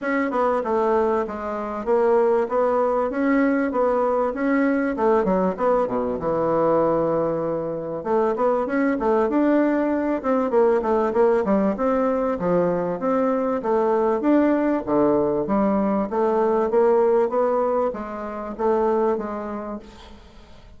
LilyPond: \new Staff \with { instrumentName = "bassoon" } { \time 4/4 \tempo 4 = 97 cis'8 b8 a4 gis4 ais4 | b4 cis'4 b4 cis'4 | a8 fis8 b8 b,8 e2~ | e4 a8 b8 cis'8 a8 d'4~ |
d'8 c'8 ais8 a8 ais8 g8 c'4 | f4 c'4 a4 d'4 | d4 g4 a4 ais4 | b4 gis4 a4 gis4 | }